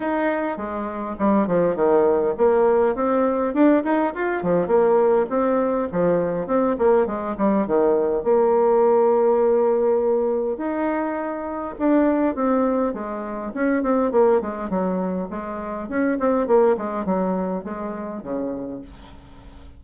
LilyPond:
\new Staff \with { instrumentName = "bassoon" } { \time 4/4 \tempo 4 = 102 dis'4 gis4 g8 f8 dis4 | ais4 c'4 d'8 dis'8 f'8 f8 | ais4 c'4 f4 c'8 ais8 | gis8 g8 dis4 ais2~ |
ais2 dis'2 | d'4 c'4 gis4 cis'8 c'8 | ais8 gis8 fis4 gis4 cis'8 c'8 | ais8 gis8 fis4 gis4 cis4 | }